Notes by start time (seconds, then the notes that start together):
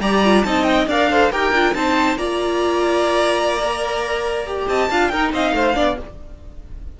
0.00 G3 G4 D5 A#5
0.24 F4
0.43 C4 D#4 D#5 A5
0.63 G5
0.87 D4 A#4 D5 F5
1.11 A4 C5
1.32 D#4 G4 A#4 G5
1.52 D4 F4
1.74 C4 D#4 C5 A5
2.16 A#3 F4 D5 A#5
3.62 A#4
4.47 G4
4.68 C4 D#5 A5
4.90 D4 F4 F5
5.08 D#4 A#4 G5
5.33 C4 D#5 F5
5.52 A3 C5
5.74 B3 D4 D5